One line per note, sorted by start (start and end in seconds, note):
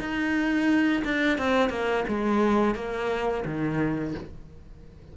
0.00 1.03 D#4
1.05 1.39 D4
1.39 1.70 C4
1.70 2.05 A#3
2.08 2.75 G#3
2.75 3.44 A#3
3.46 4.15 D#3